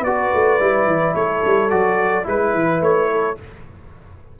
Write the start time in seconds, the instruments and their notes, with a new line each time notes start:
0.00 tuba B3, trombone F#4, horn B4, trumpet D5
0.34 tuba A3
0.60 tuba G3, trombone E4
0.86 tuba E3
1.15 tuba A3, horn A4, trumpet C#5
1.46 tuba G3
1.70 tuba F#3, trombone F#4, trumpet D5
2.24 tuba G#3, trombone E4, trumpet B4, horn B4
2.54 tuba E3
2.81 tuba A3, trumpet C#5
3.12 horn A4